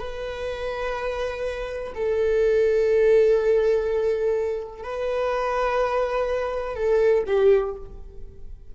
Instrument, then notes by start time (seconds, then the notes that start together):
viola
0.00 B4
1.95 A4
4.83 B4
6.76 A4
7.27 G4